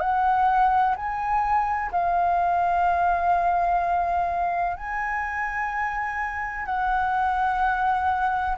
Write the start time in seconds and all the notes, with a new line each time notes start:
0.00 F#5
0.96 G#5
1.92 F5
4.77 G#5
6.65 F#5